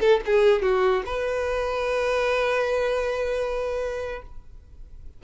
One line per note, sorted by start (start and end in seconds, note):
0.00 0.20 A4
0.25 0.62 G#4
0.62 1.03 F#4
1.06 4.22 B4